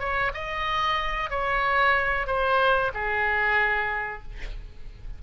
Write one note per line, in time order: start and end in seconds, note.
0.00 0.32 C#5
0.35 1.31 D#5
1.31 2.28 C#5
2.28 2.92 C5
2.94 4.23 G#4